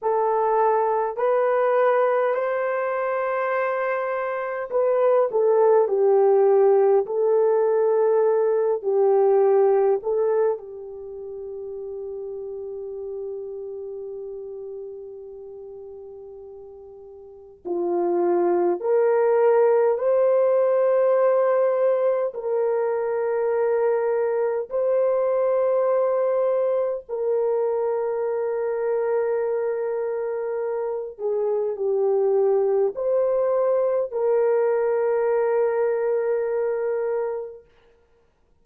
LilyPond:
\new Staff \with { instrumentName = "horn" } { \time 4/4 \tempo 4 = 51 a'4 b'4 c''2 | b'8 a'8 g'4 a'4. g'8~ | g'8 a'8 g'2.~ | g'2. f'4 |
ais'4 c''2 ais'4~ | ais'4 c''2 ais'4~ | ais'2~ ais'8 gis'8 g'4 | c''4 ais'2. | }